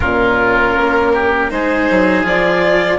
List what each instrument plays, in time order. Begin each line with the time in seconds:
0.00 bassoon A#2, cello C#4, oboe F4, violin A#4
0.76 bassoon A#3
1.13 oboe G4
1.49 bassoon G#3, cello D#4, oboe G#4, violin C5
1.90 bassoon F#3
2.23 bassoon F3, cello F4, violin D5